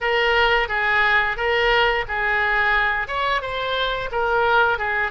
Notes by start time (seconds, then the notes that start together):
0.00 A#4
0.68 G#4
1.36 A#4
2.08 G#4
3.07 C#5
3.41 C5
4.11 A#4
4.78 G#4